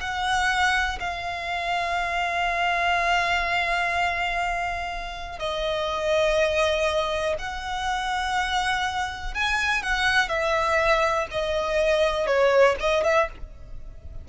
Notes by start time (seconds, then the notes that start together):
0.00 F#5
1.00 F5
5.39 D#5
7.39 F#5
9.34 G#5
9.83 F#5
10.29 E5
11.31 D#5
12.27 C#5
12.80 D#5
13.04 E5